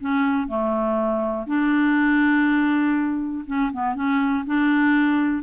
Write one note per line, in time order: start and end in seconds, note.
0.00 0.48 C#4
0.48 1.46 A3
1.46 3.45 D4
3.46 3.71 C#4
3.73 3.95 B3
3.95 4.44 C#4
4.46 5.43 D4